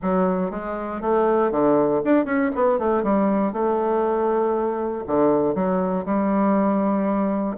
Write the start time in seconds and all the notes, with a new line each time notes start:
0.02 F#3
0.50 G#3
1.01 A3
1.51 D3
2.04 D4
2.25 C#4
2.55 B3
2.78 A3
3.03 G3
3.52 A3
5.06 D3
5.54 F#3
6.05 G3